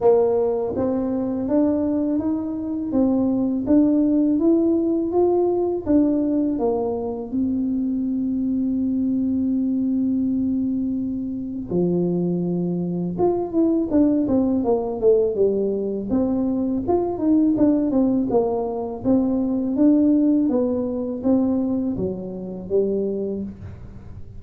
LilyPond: \new Staff \with { instrumentName = "tuba" } { \time 4/4 \tempo 4 = 82 ais4 c'4 d'4 dis'4 | c'4 d'4 e'4 f'4 | d'4 ais4 c'2~ | c'1 |
f2 f'8 e'8 d'8 c'8 | ais8 a8 g4 c'4 f'8 dis'8 | d'8 c'8 ais4 c'4 d'4 | b4 c'4 fis4 g4 | }